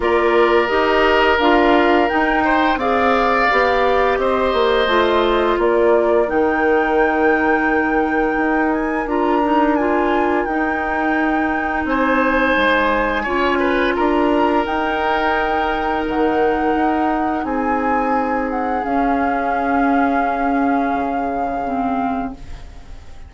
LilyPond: <<
  \new Staff \with { instrumentName = "flute" } { \time 4/4 \tempo 4 = 86 d''4 dis''4 f''4 g''4 | f''2 dis''2 | d''4 g''2.~ | g''8 gis''8 ais''4 gis''4 g''4~ |
g''4 gis''2. | ais''4 g''2 fis''4~ | fis''4 gis''4. fis''8 f''4~ | f''1 | }
  \new Staff \with { instrumentName = "oboe" } { \time 4/4 ais'2.~ ais'8 c''8 | d''2 c''2 | ais'1~ | ais'1~ |
ais'4 c''2 cis''8 b'8 | ais'1~ | ais'4 gis'2.~ | gis'1 | }
  \new Staff \with { instrumentName = "clarinet" } { \time 4/4 f'4 g'4 f'4 dis'4 | gis'4 g'2 f'4~ | f'4 dis'2.~ | dis'4 f'8 dis'8 f'4 dis'4~ |
dis'2. f'4~ | f'4 dis'2.~ | dis'2. cis'4~ | cis'2. c'4 | }
  \new Staff \with { instrumentName = "bassoon" } { \time 4/4 ais4 dis'4 d'4 dis'4 | c'4 b4 c'8 ais8 a4 | ais4 dis2. | dis'4 d'2 dis'4~ |
dis'4 c'4 gis4 cis'4 | d'4 dis'2 dis4 | dis'4 c'2 cis'4~ | cis'2 cis2 | }
>>